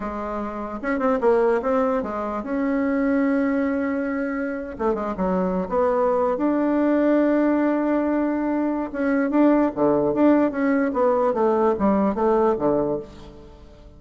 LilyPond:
\new Staff \with { instrumentName = "bassoon" } { \time 4/4 \tempo 4 = 148 gis2 cis'8 c'8 ais4 | c'4 gis4 cis'2~ | cis'2.~ cis'8. a16~ | a16 gis8 fis4~ fis16 b4.~ b16 d'16~ |
d'1~ | d'2 cis'4 d'4 | d4 d'4 cis'4 b4 | a4 g4 a4 d4 | }